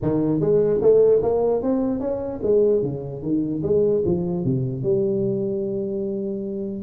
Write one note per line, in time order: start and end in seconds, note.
0.02 0.40 D#3
0.40 0.80 G#3
0.81 1.21 A3
1.22 1.62 A#3
1.62 1.99 C4
1.99 2.40 C#4
2.42 2.82 G#3
2.82 3.22 C#3
3.22 3.62 D#3
3.62 4.03 G#3
4.05 4.44 F3
4.44 4.82 C3
4.82 6.83 G3